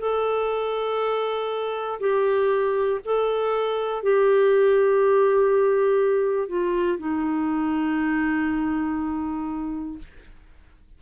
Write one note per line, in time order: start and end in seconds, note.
0.00 2.00 A4
2.01 3.01 G4
3.05 4.03 A4
4.03 6.48 G4
6.48 6.98 F4
6.99 9.99 D#4